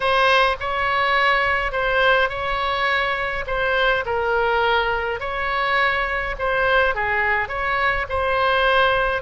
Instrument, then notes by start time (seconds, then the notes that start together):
oboe
0.00 C5
0.60 C#5
1.72 C5
2.29 C#5
3.46 C5
4.05 A#4
5.20 C#5
6.39 C5
6.94 G#4
7.48 C#5
8.09 C5